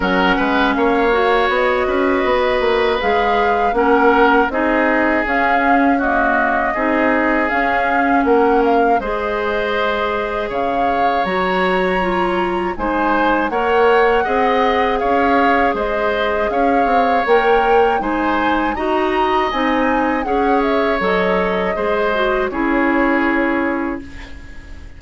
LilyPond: <<
  \new Staff \with { instrumentName = "flute" } { \time 4/4 \tempo 4 = 80 fis''4 f''4 dis''2 | f''4 fis''4 dis''4 f''4 | dis''2 f''4 fis''8 f''8 | dis''2 f''4 ais''4~ |
ais''4 gis''4 fis''2 | f''4 dis''4 f''4 g''4 | gis''4 ais''4 gis''4 fis''8 e''8 | dis''2 cis''2 | }
  \new Staff \with { instrumentName = "oboe" } { \time 4/4 ais'8 b'8 cis''4. b'4.~ | b'4 ais'4 gis'2 | fis'4 gis'2 ais'4 | c''2 cis''2~ |
cis''4 c''4 cis''4 dis''4 | cis''4 c''4 cis''2 | c''4 dis''2 cis''4~ | cis''4 c''4 gis'2 | }
  \new Staff \with { instrumentName = "clarinet" } { \time 4/4 cis'4. fis'2~ fis'8 | gis'4 cis'4 dis'4 cis'4 | ais4 dis'4 cis'2 | gis'2. fis'4 |
f'4 dis'4 ais'4 gis'4~ | gis'2. ais'4 | dis'4 fis'4 dis'4 gis'4 | a'4 gis'8 fis'8 e'2 | }
  \new Staff \with { instrumentName = "bassoon" } { \time 4/4 fis8 gis8 ais4 b8 cis'8 b8 ais8 | gis4 ais4 c'4 cis'4~ | cis'4 c'4 cis'4 ais4 | gis2 cis4 fis4~ |
fis4 gis4 ais4 c'4 | cis'4 gis4 cis'8 c'8 ais4 | gis4 dis'4 c'4 cis'4 | fis4 gis4 cis'2 | }
>>